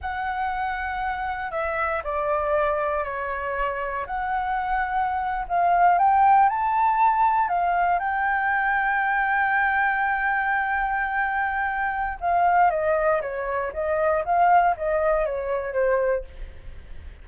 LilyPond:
\new Staff \with { instrumentName = "flute" } { \time 4/4 \tempo 4 = 118 fis''2. e''4 | d''2 cis''2 | fis''2~ fis''8. f''4 g''16~ | g''8. a''2 f''4 g''16~ |
g''1~ | g''1 | f''4 dis''4 cis''4 dis''4 | f''4 dis''4 cis''4 c''4 | }